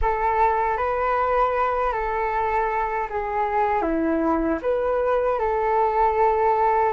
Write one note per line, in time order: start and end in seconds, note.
0.01 0.77 A4
0.77 1.92 B4
1.92 3.08 A4
3.09 3.81 G#4
3.81 4.58 E4
4.62 5.38 B4
5.38 6.92 A4